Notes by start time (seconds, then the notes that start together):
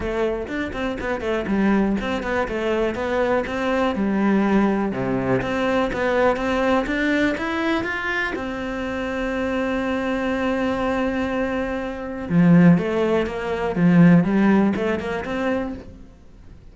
0.00 A3
0.47 D4
0.72 C4
1.00 B3
1.20 A3
1.47 G3
2.00 C4
2.23 B3
2.47 A3
2.94 B3
3.46 C4
3.95 G3
4.92 C3
5.41 C4
5.92 B3
6.36 C4
6.86 D4
7.37 E4
7.84 F4
8.35 C4
12.29 F3
12.78 A3
13.26 A#3
13.75 F3
14.24 G3
14.75 A3
14.99 A#3
15.24 C4